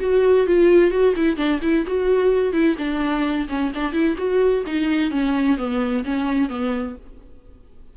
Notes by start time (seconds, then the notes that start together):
0.00 F#4
0.47 F4
0.91 F#4
1.16 E4
1.37 D4
1.62 E4
1.86 F#4
2.53 E4
2.78 D4
3.49 C#4
3.75 D4
3.93 E4
4.17 F#4
4.66 D#4
5.11 C#4
5.57 B3
6.04 C#4
6.49 B3